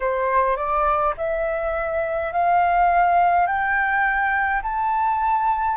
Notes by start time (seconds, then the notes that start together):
0.00 C5
0.56 D5
1.17 E5
2.32 F5
3.46 G5
4.62 A5